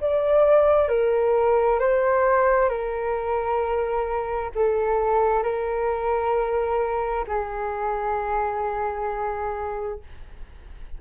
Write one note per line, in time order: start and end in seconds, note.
0.00 0.88 D5
0.88 1.79 A#4
1.79 2.69 C5
2.69 4.51 A#4
4.55 5.43 A4
5.43 7.25 A#4
7.27 10.00 G#4